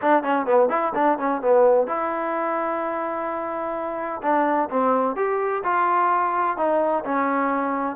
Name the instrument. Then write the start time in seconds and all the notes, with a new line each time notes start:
trombone
0.01 D4
0.23 C#4
0.46 B3
0.69 E4
0.95 D4
1.18 C#4
1.41 B3
1.87 E4
4.22 D4
4.70 C4
5.16 G4
5.63 F4
6.57 D#4
7.04 C#4